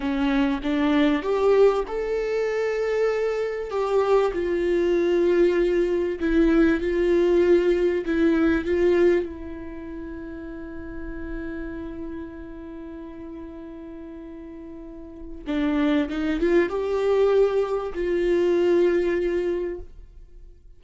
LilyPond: \new Staff \with { instrumentName = "viola" } { \time 4/4 \tempo 4 = 97 cis'4 d'4 g'4 a'4~ | a'2 g'4 f'4~ | f'2 e'4 f'4~ | f'4 e'4 f'4 e'4~ |
e'1~ | e'1~ | e'4 d'4 dis'8 f'8 g'4~ | g'4 f'2. | }